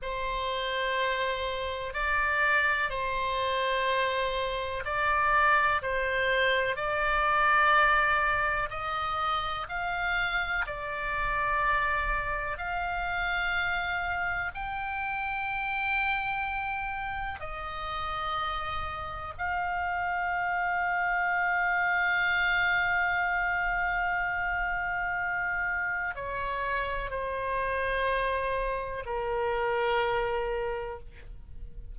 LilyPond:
\new Staff \with { instrumentName = "oboe" } { \time 4/4 \tempo 4 = 62 c''2 d''4 c''4~ | c''4 d''4 c''4 d''4~ | d''4 dis''4 f''4 d''4~ | d''4 f''2 g''4~ |
g''2 dis''2 | f''1~ | f''2. cis''4 | c''2 ais'2 | }